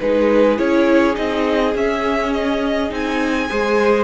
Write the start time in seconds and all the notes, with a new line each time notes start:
0.00 G#3 D#4 G#4 B4
0.57 C#4 E4 C#5
1.14 C4 D#4 D#5
1.74 C#4 E5
2.33 D#5
2.89 C4 D#4 G#5
3.49 G#3 G#4 C5